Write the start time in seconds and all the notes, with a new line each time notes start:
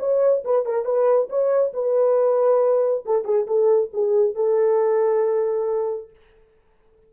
0.00 C#5
0.45 B4
0.66 A#4
0.86 B4
1.30 C#5
1.74 B4
3.06 A4
3.25 G#4
3.47 A4
3.94 G#4
4.36 A4